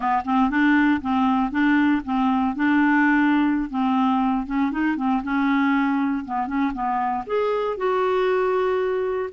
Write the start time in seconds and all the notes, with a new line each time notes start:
0.00 B3
0.24 C4
0.49 D4
1.01 C4
1.51 D4
2.04 C4
2.55 D4
3.70 C4
4.46 C#4
4.71 D#4
4.96 C4
5.23 C#4
6.25 B3
6.47 C#4
6.73 B3
7.26 G#4
7.77 F#4